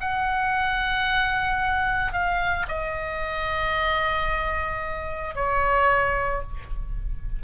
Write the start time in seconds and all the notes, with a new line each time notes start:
0.00 F#5
2.13 F5
2.68 D#5
5.35 C#5